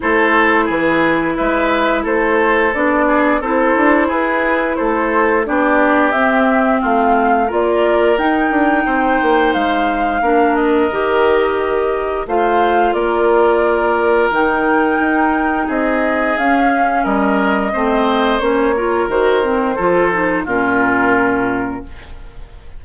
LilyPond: <<
  \new Staff \with { instrumentName = "flute" } { \time 4/4 \tempo 4 = 88 c''4 b'4 e''4 c''4 | d''4 c''4 b'4 c''4 | d''4 e''4 f''4 d''4 | g''2 f''4. dis''8~ |
dis''2 f''4 d''4~ | d''4 g''2 dis''4 | f''4 dis''2 cis''4 | c''2 ais'2 | }
  \new Staff \with { instrumentName = "oboe" } { \time 4/4 a'4 gis'4 b'4 a'4~ | a'8 gis'8 a'4 gis'4 a'4 | g'2 f'4 ais'4~ | ais'4 c''2 ais'4~ |
ais'2 c''4 ais'4~ | ais'2. gis'4~ | gis'4 ais'4 c''4. ais'8~ | ais'4 a'4 f'2 | }
  \new Staff \with { instrumentName = "clarinet" } { \time 4/4 e'1 | d'4 e'2. | d'4 c'2 f'4 | dis'2. d'4 |
g'2 f'2~ | f'4 dis'2. | cis'2 c'4 cis'8 f'8 | fis'8 c'8 f'8 dis'8 cis'2 | }
  \new Staff \with { instrumentName = "bassoon" } { \time 4/4 a4 e4 gis4 a4 | b4 c'8 d'8 e'4 a4 | b4 c'4 a4 ais4 | dis'8 d'8 c'8 ais8 gis4 ais4 |
dis2 a4 ais4~ | ais4 dis4 dis'4 c'4 | cis'4 g4 a4 ais4 | dis4 f4 ais,2 | }
>>